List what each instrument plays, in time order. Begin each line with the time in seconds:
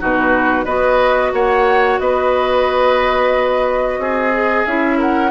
0.00 bassoon B2, clarinet D#4, oboe F#4, flute B4
0.65 bassoon B3, clarinet F#4, oboe B4, flute D#5
1.33 bassoon A#3, oboe C#5, flute F#5
1.99 bassoon B3, oboe B4, flute D#5
3.99 bassoon C4, oboe G#4
4.33 clarinet G#4
4.66 bassoon C#4, clarinet E4, flute E5
4.98 oboe A#4, flute F#5